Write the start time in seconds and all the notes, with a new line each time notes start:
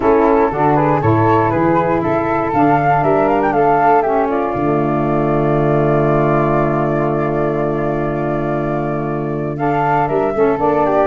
0.00 A3 C#4 E4 A4
0.51 D3 D4 F#4
0.74 G#4 B4
1.01 A2 E4 A4 C#5
1.49 E3 G#4 B4
2.00 C#3 A4 E5
2.53 D3 D4 F5
3.02 G3 A#4 E5
3.28 F5
3.41 G5
3.52 A3 A4 F5
4.01 C#4 G4 E5
4.28 F4 D5
4.55 D3 A3
9.57 D4 A4 F5
10.07 G3 A#4 E5
10.34 A3 C#4 A4
10.57 A#3 D4 D5
10.85 G4